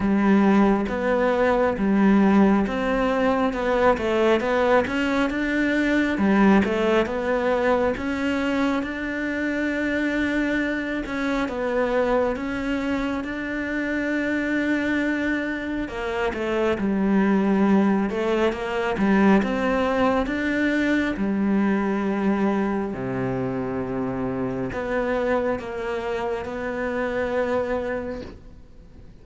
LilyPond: \new Staff \with { instrumentName = "cello" } { \time 4/4 \tempo 4 = 68 g4 b4 g4 c'4 | b8 a8 b8 cis'8 d'4 g8 a8 | b4 cis'4 d'2~ | d'8 cis'8 b4 cis'4 d'4~ |
d'2 ais8 a8 g4~ | g8 a8 ais8 g8 c'4 d'4 | g2 c2 | b4 ais4 b2 | }